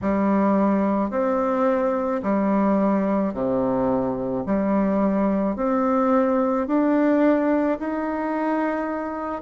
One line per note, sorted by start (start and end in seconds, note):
0.01 1.10 G3
1.10 2.21 C4
2.22 3.33 G3
3.33 4.44 C3
4.45 5.56 G3
5.56 6.67 C4
6.67 7.78 D4
7.79 9.41 D#4